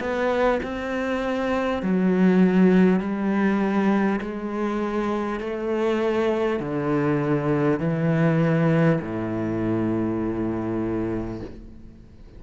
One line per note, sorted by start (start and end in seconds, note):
0.00 0.60 B3
0.63 1.83 C4
1.83 3.00 F#3
3.00 4.20 G3
4.21 5.40 G#3
5.40 6.60 A3
6.60 7.80 D3
7.80 9.00 E3
9.01 11.41 A2